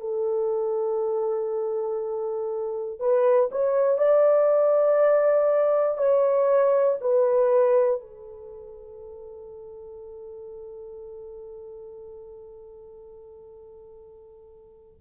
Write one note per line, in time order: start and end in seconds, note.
0.00 3.00 A4
3.00 3.50 B4
3.51 3.97 C#5
3.97 5.97 D5
5.97 6.97 C#5
7.00 8.00 B4
8.00 15.00 A4